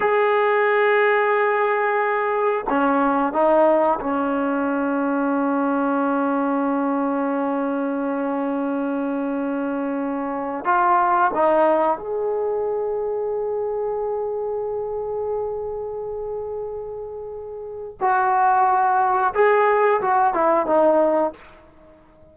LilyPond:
\new Staff \with { instrumentName = "trombone" } { \time 4/4 \tempo 4 = 90 gis'1 | cis'4 dis'4 cis'2~ | cis'1~ | cis'1 |
f'4 dis'4 gis'2~ | gis'1~ | gis'2. fis'4~ | fis'4 gis'4 fis'8 e'8 dis'4 | }